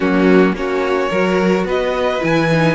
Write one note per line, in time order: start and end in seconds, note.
0.00 0.53 F#3
0.00 0.56 A#3
0.00 0.54 C#4
0.00 0.55 F#4
0.53 1.08 A#3
0.53 1.11 C#4
0.53 1.09 F#4
0.53 1.67 C#5
1.09 1.63 F#3
1.09 2.20 F#4
1.09 1.65 A#4
1.63 2.19 B3
1.63 2.75 B4
1.63 2.24 D#5
2.20 2.75 E3
2.20 2.48 E4
2.20 2.75 G#5
2.52 2.75 D#4